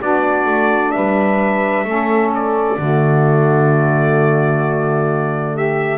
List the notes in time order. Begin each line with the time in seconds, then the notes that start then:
0.00 B3 D4 F#4 D5
0.46 A3
0.92 G3 B4 E5
1.85 A3 C#4 A4
2.35 D5
2.78 D3 A3 F#4
5.53 G4 E5